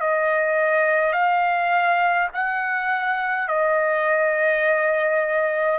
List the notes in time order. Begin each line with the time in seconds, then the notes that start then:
0.00 D#5
1.13 F5
2.33 F#5
3.48 D#5